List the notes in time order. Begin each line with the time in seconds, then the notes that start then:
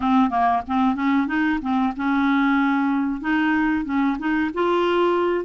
0.00 C4
0.29 A#3
0.67 C4
0.95 C#4
1.27 D#4
1.61 C4
1.96 C#4
3.21 D#4
3.84 C#4
4.18 D#4
4.54 F4